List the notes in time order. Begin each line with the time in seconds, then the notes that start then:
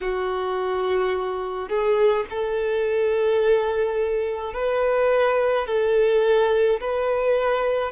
0.00 F#4
1.68 G#4
2.30 A4
4.53 B4
5.67 A4
6.80 B4